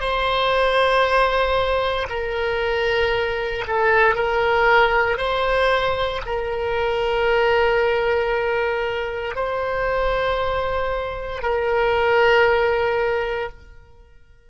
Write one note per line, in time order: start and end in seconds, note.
0.00 2.07 C5
2.10 3.65 A#4
3.68 4.15 A4
4.15 5.17 A#4
5.17 6.21 C5
6.26 9.35 A#4
9.35 11.42 C5
11.42 13.49 A#4